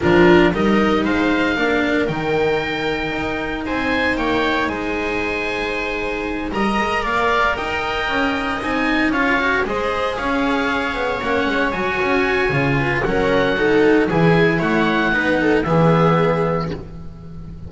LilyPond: <<
  \new Staff \with { instrumentName = "oboe" } { \time 4/4 \tempo 4 = 115 ais'4 dis''4 f''2 | g''2. gis''4 | g''4 gis''2.~ | gis''8 ais''4 f''4 g''4.~ |
g''8 gis''4 f''4 dis''4 f''8~ | f''4. fis''4 gis''4.~ | gis''4 fis''2 gis''4 | fis''2 e''2 | }
  \new Staff \with { instrumentName = "viola" } { \time 4/4 f'4 ais'4 c''4 ais'4~ | ais'2. c''4 | cis''4 c''2.~ | c''8 dis''4 d''4 dis''4.~ |
dis''4. cis''4 c''4 cis''8~ | cis''1~ | cis''8 b'8 ais'4 a'4 gis'4 | cis''4 b'8 a'8 gis'2 | }
  \new Staff \with { instrumentName = "cello" } { \time 4/4 d'4 dis'2 d'4 | dis'1~ | dis'1~ | dis'8 ais'2.~ ais'8~ |
ais'8 dis'4 f'8 fis'8 gis'4.~ | gis'4. cis'4 fis'4. | f'4 cis'4 dis'4 e'4~ | e'4 dis'4 b2 | }
  \new Staff \with { instrumentName = "double bass" } { \time 4/4 f4 g4 gis4 ais4 | dis2 dis'4 c'4 | ais4 gis2.~ | gis8 g8 gis8 ais4 dis'4 cis'8~ |
cis'8 c'4 cis'4 gis4 cis'8~ | cis'4 b8 ais8 gis8 fis8 cis'4 | cis4 fis2 e4 | a4 b4 e2 | }
>>